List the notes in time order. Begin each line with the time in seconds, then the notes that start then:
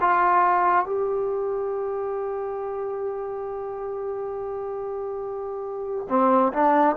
0.00 F4
0.85 G4
6.09 C4
6.53 D4